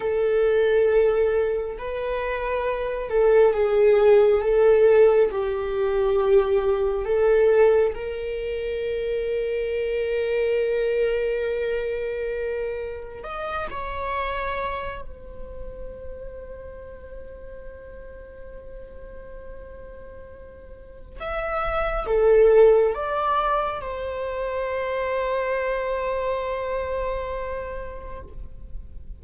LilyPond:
\new Staff \with { instrumentName = "viola" } { \time 4/4 \tempo 4 = 68 a'2 b'4. a'8 | gis'4 a'4 g'2 | a'4 ais'2.~ | ais'2. dis''8 cis''8~ |
cis''4 c''2.~ | c''1 | e''4 a'4 d''4 c''4~ | c''1 | }